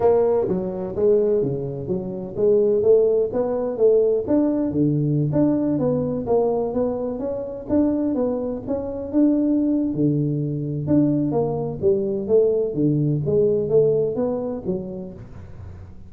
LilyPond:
\new Staff \with { instrumentName = "tuba" } { \time 4/4 \tempo 4 = 127 ais4 fis4 gis4 cis4 | fis4 gis4 a4 b4 | a4 d'4 d4~ d16 d'8.~ | d'16 b4 ais4 b4 cis'8.~ |
cis'16 d'4 b4 cis'4 d'8.~ | d'4 d2 d'4 | ais4 g4 a4 d4 | gis4 a4 b4 fis4 | }